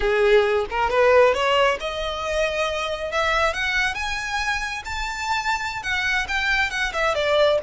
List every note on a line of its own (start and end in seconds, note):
0.00 0.66 G#4
0.70 0.90 A#4
0.90 1.34 B4
1.34 1.78 C#5
1.79 3.11 D#5
3.11 3.53 E5
3.53 3.94 F#5
3.94 4.82 G#5
4.84 5.82 A5
5.82 6.26 F#5
6.28 6.70 G5
6.70 6.92 F#5
6.93 7.14 E5
7.14 7.58 D5